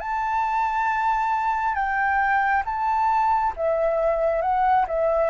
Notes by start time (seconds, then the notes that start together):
0.00 A5
1.75 G5
2.66 A5
3.57 E5
4.42 F#5
4.88 E5